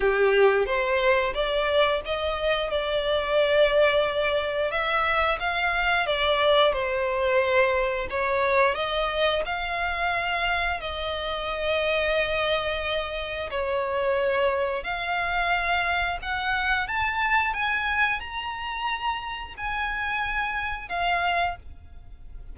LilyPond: \new Staff \with { instrumentName = "violin" } { \time 4/4 \tempo 4 = 89 g'4 c''4 d''4 dis''4 | d''2. e''4 | f''4 d''4 c''2 | cis''4 dis''4 f''2 |
dis''1 | cis''2 f''2 | fis''4 a''4 gis''4 ais''4~ | ais''4 gis''2 f''4 | }